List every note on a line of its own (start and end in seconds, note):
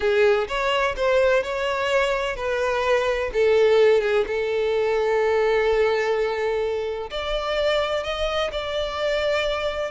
0.00 0.47 G#4
0.47 0.95 C#5
0.96 1.43 C5
1.43 2.36 C#5
2.36 3.30 B4
3.33 4.01 A4
4.01 4.24 G#4
4.26 7.10 A4
7.10 8.03 D5
8.03 8.51 D#5
8.52 9.91 D5